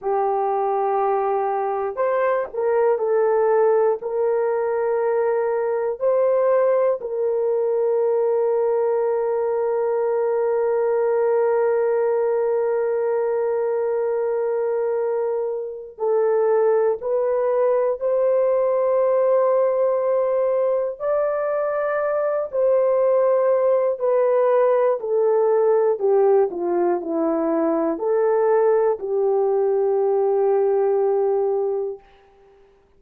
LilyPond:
\new Staff \with { instrumentName = "horn" } { \time 4/4 \tempo 4 = 60 g'2 c''8 ais'8 a'4 | ais'2 c''4 ais'4~ | ais'1~ | ais'1 |
a'4 b'4 c''2~ | c''4 d''4. c''4. | b'4 a'4 g'8 f'8 e'4 | a'4 g'2. | }